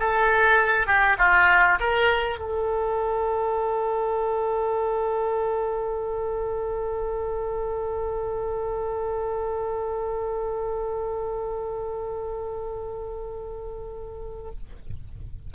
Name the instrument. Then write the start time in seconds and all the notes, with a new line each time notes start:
oboe
0.00 A4
0.87 G4
1.19 F4
1.80 A#4
2.39 A4